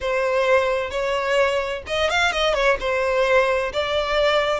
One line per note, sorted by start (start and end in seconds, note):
0.00 0.90 C5
0.90 1.82 C#5
1.87 2.10 D#5
2.10 2.31 F5
2.31 2.54 D#5
2.54 2.77 C#5
2.80 3.72 C5
3.72 4.60 D5